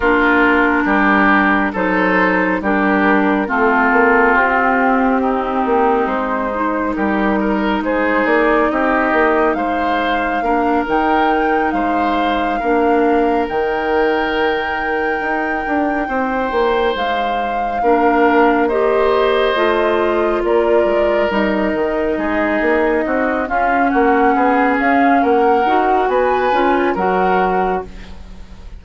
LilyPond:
<<
  \new Staff \with { instrumentName = "flute" } { \time 4/4 \tempo 4 = 69 ais'2 c''4 ais'4 | a'4 g'2 c''4 | ais'4 c''8 d''8 dis''4 f''4~ | f''8 g''4 f''2 g''8~ |
g''2.~ g''8 f''8~ | f''4. dis''2 d''8~ | d''8 dis''2~ dis''8 f''8 fis''8~ | fis''8 f''8 fis''4 gis''4 fis''4 | }
  \new Staff \with { instrumentName = "oboe" } { \time 4/4 f'4 g'4 a'4 g'4 | f'2 dis'2 | g'8 ais'8 gis'4 g'4 c''4 | ais'4. c''4 ais'4.~ |
ais'2~ ais'8 c''4.~ | c''8 ais'4 c''2 ais'8~ | ais'4. gis'4 fis'8 f'8 fis'8 | gis'4 ais'4 b'4 ais'4 | }
  \new Staff \with { instrumentName = "clarinet" } { \time 4/4 d'2 dis'4 d'4 | c'2.~ c'8 dis'8~ | dis'1 | d'8 dis'2 d'4 dis'8~ |
dis'1~ | dis'8 d'4 g'4 f'4.~ | f'8 dis'2~ dis'8 cis'4~ | cis'4. fis'4 f'8 fis'4 | }
  \new Staff \with { instrumentName = "bassoon" } { \time 4/4 ais4 g4 fis4 g4 | a8 ais8 c'4. ais8 gis4 | g4 gis8 ais8 c'8 ais8 gis4 | ais8 dis4 gis4 ais4 dis8~ |
dis4. dis'8 d'8 c'8 ais8 gis8~ | gis8 ais2 a4 ais8 | gis8 g8 dis8 gis8 ais8 c'8 cis'8 ais8 | b8 cis'8 ais8 dis'8 b8 cis'8 fis4 | }
>>